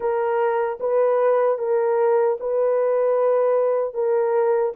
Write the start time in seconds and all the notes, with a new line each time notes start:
0.00 A#4
0.79 B4
1.58 A#4
2.40 B4
3.93 A#4